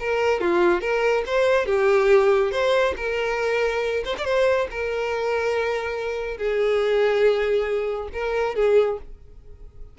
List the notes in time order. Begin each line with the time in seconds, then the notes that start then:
0.00 A#4
0.41 F4
0.81 A#4
1.26 C5
1.66 G4
2.51 C5
2.97 A#4
4.05 C5
4.18 D5
4.24 C5
4.70 A#4
6.37 G#4
8.13 A#4
8.55 G#4